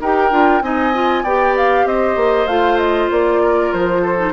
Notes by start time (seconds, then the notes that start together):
0.00 D#4 G4 A#4 G5
0.31 D4 F4
0.61 C4 D#4 D#5 G#5
0.93 F4
1.23 B3 G4 D5 G5
1.57 F5
1.85 C4 C5 D#5
2.16 A#3
2.46 A3 F4 F5
2.78 D#5
3.10 A#3 D5
3.42 A#4
3.72 F3 C5
4.01 A4
4.17 D#4